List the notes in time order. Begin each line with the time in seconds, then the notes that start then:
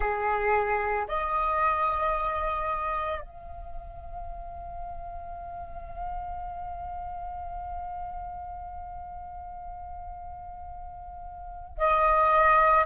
0.00 G#4
1.08 D#5
3.20 F5
11.78 D#5